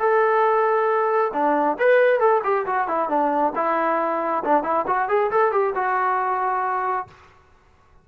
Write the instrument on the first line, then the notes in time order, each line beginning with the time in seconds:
trombone
0.00 A4
1.34 D4
1.79 B4
2.20 A4
2.44 G4
2.67 F#4
2.88 E4
3.09 D4
3.56 E4
4.45 D4
4.64 E4
4.87 F#4
5.09 G#4
5.32 A4
5.52 G4
5.76 F#4